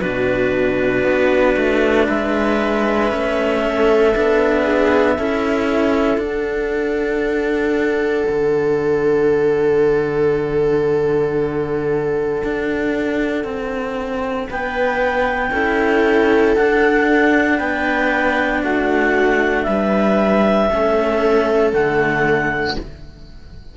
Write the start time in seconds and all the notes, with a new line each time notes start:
0.00 B2 D4 F#4 B4
1.03 B3
1.56 A3
2.06 G#3 B4 E5
3.09 A3 C#4
3.62 A4
4.14 B3 D4
4.63 G#4
5.17 C#4 E4 A4
6.17 D4 F#5
8.28 D3
12.44 D4
13.44 C4
14.49 B3 B4 G5
15.51 C#4 E4 A4
16.55 D4 F#5
17.58 B3 B4 G5
18.62 A3 F#4 F#5
19.63 G3 B4 E5
20.69 A3 C#4 A4
21.72 D3 A3 F#5